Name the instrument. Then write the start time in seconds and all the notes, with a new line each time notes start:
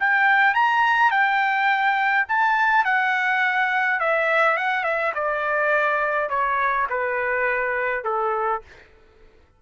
trumpet
0.00 G5
0.54 A#5
1.11 G5
2.28 A5
2.85 F#5
4.00 E5
4.57 F#5
4.84 E5
5.15 D5
6.30 C#5
6.90 B4
8.04 A4